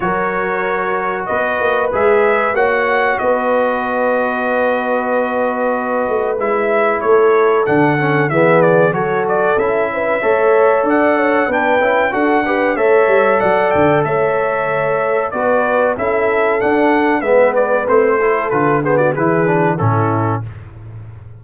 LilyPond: <<
  \new Staff \with { instrumentName = "trumpet" } { \time 4/4 \tempo 4 = 94 cis''2 dis''4 e''4 | fis''4 dis''2.~ | dis''2 e''4 cis''4 | fis''4 e''8 d''8 cis''8 d''8 e''4~ |
e''4 fis''4 g''4 fis''4 | e''4 fis''8 g''8 e''2 | d''4 e''4 fis''4 e''8 d''8 | c''4 b'8 c''16 d''16 b'4 a'4 | }
  \new Staff \with { instrumentName = "horn" } { \time 4/4 ais'2 b'2 | cis''4 b'2.~ | b'2. a'4~ | a'4 gis'4 a'4. b'8 |
cis''4 d''8 cis''8 b'4 a'8 b'8 | cis''4 d''4 cis''2 | b'4 a'2 b'4~ | b'8 a'4 gis'16 fis'16 gis'4 e'4 | }
  \new Staff \with { instrumentName = "trombone" } { \time 4/4 fis'2. gis'4 | fis'1~ | fis'2 e'2 | d'8 cis'8 b4 fis'4 e'4 |
a'2 d'8 e'8 fis'8 g'8 | a'1 | fis'4 e'4 d'4 b4 | c'8 e'8 f'8 b8 e'8 d'8 cis'4 | }
  \new Staff \with { instrumentName = "tuba" } { \time 4/4 fis2 b8 ais8 gis4 | ais4 b2.~ | b4. a8 gis4 a4 | d4 e4 fis4 cis'4 |
a4 d'4 b8 cis'8 d'4 | a8 g8 fis8 d8 a2 | b4 cis'4 d'4 gis4 | a4 d4 e4 a,4 | }
>>